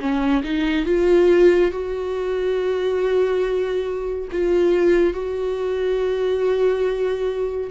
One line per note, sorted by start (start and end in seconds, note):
0.00 0.43 C#4
0.44 0.86 D#4
0.86 1.71 F4
1.71 4.29 F#4
4.32 5.14 F4
5.14 7.71 F#4